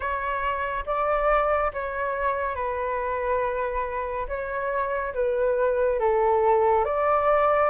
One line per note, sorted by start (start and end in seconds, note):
0.00 0.84 C#5
0.86 1.71 D5
1.73 2.55 C#5
2.55 4.26 B4
4.28 5.14 C#5
5.14 5.99 B4
5.99 6.84 A4
6.84 7.69 D5